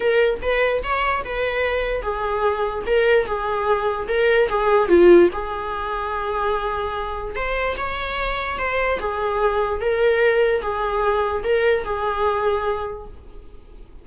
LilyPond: \new Staff \with { instrumentName = "viola" } { \time 4/4 \tempo 4 = 147 ais'4 b'4 cis''4 b'4~ | b'4 gis'2 ais'4 | gis'2 ais'4 gis'4 | f'4 gis'2.~ |
gis'2 c''4 cis''4~ | cis''4 c''4 gis'2 | ais'2 gis'2 | ais'4 gis'2. | }